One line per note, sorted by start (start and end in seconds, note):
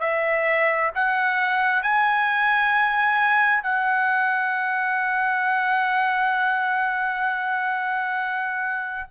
0.00 0.91 E5
0.95 1.82 F#5
1.82 3.63 G#5
3.63 9.08 F#5